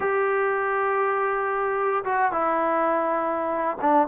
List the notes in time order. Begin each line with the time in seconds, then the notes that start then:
0.00 G4
2.04 F#4
2.31 E4
3.81 D4